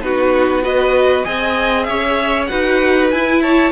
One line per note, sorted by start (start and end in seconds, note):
0.00 1.24 B3
0.00 0.62 D#4
0.00 0.63 F#4
0.00 0.64 B4
0.62 1.24 F#4
0.62 1.25 B4
0.62 1.25 D#5
1.24 1.88 C4
1.24 2.48 G#4
1.24 1.87 D#5
1.24 1.83 G#5
1.83 2.50 C#4
1.83 2.50 C#5
1.83 2.45 E5
2.47 3.12 D#4
2.47 3.11 F#4
2.47 3.42 B4
2.47 3.09 F#5
3.11 3.72 E4
3.11 3.42 G#5
3.42 3.72 C#5
3.42 3.72 A5